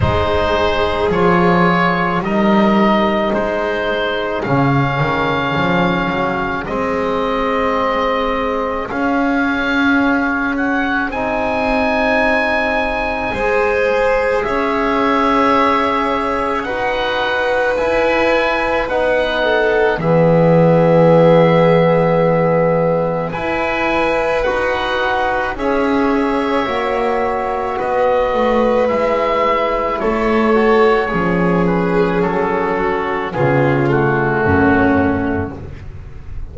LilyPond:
<<
  \new Staff \with { instrumentName = "oboe" } { \time 4/4 \tempo 4 = 54 c''4 cis''4 dis''4 c''4 | f''2 dis''2 | f''4. fis''8 gis''2~ | gis''4 e''2 fis''4 |
gis''4 fis''4 e''2~ | e''4 gis''4 fis''4 e''4~ | e''4 dis''4 e''4 cis''4~ | cis''8 b'8 a'4 gis'8 fis'4. | }
  \new Staff \with { instrumentName = "violin" } { \time 4/4 gis'2 ais'4 gis'4~ | gis'1~ | gis'1 | c''4 cis''2 b'4~ |
b'4. a'8 gis'2~ | gis'4 b'2 cis''4~ | cis''4 b'2 a'4 | gis'4. fis'8 f'4 cis'4 | }
  \new Staff \with { instrumentName = "trombone" } { \time 4/4 dis'4 f'4 dis'2 | cis'2 c'2 | cis'2 dis'2 | gis'2. fis'4 |
e'4 dis'4 b2~ | b4 e'4 fis'4 gis'4 | fis'2 e'4. fis'8 | cis'2 b8 a4. | }
  \new Staff \with { instrumentName = "double bass" } { \time 4/4 gis4 f4 g4 gis4 | cis8 dis8 f8 fis8 gis2 | cis'2 c'2 | gis4 cis'2 dis'4 |
e'4 b4 e2~ | e4 e'4 dis'4 cis'4 | ais4 b8 a8 gis4 a4 | f4 fis4 cis4 fis,4 | }
>>